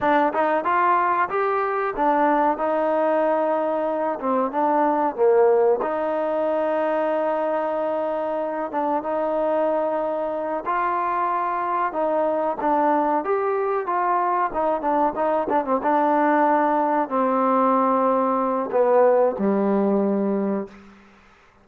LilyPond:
\new Staff \with { instrumentName = "trombone" } { \time 4/4 \tempo 4 = 93 d'8 dis'8 f'4 g'4 d'4 | dis'2~ dis'8 c'8 d'4 | ais4 dis'2.~ | dis'4. d'8 dis'2~ |
dis'8 f'2 dis'4 d'8~ | d'8 g'4 f'4 dis'8 d'8 dis'8 | d'16 c'16 d'2 c'4.~ | c'4 b4 g2 | }